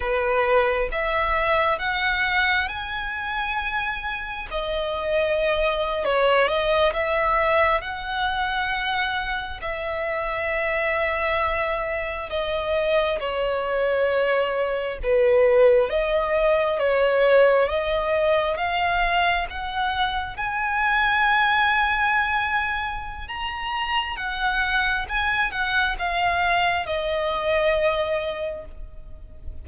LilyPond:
\new Staff \with { instrumentName = "violin" } { \time 4/4 \tempo 4 = 67 b'4 e''4 fis''4 gis''4~ | gis''4 dis''4.~ dis''16 cis''8 dis''8 e''16~ | e''8. fis''2 e''4~ e''16~ | e''4.~ e''16 dis''4 cis''4~ cis''16~ |
cis''8. b'4 dis''4 cis''4 dis''16~ | dis''8. f''4 fis''4 gis''4~ gis''16~ | gis''2 ais''4 fis''4 | gis''8 fis''8 f''4 dis''2 | }